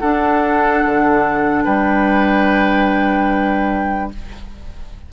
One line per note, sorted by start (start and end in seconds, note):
0.00 0.84 D4
0.00 4.13 D4
0.00 1.64 A4
0.00 1.64 F#5
0.85 1.66 D3
1.64 4.12 G3
1.64 4.11 B4
1.64 4.11 G5